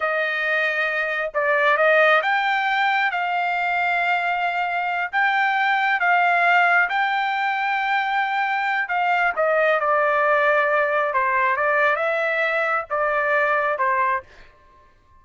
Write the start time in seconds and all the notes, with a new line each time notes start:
0.00 D#5
1.34 D5
1.77 D#5
2.22 G5
3.11 F5
5.12 G5
6.00 F5
6.89 G5
8.88 F5
9.36 D#5
9.80 D5
11.13 C5
11.56 D5
11.96 E5
12.89 D5
13.78 C5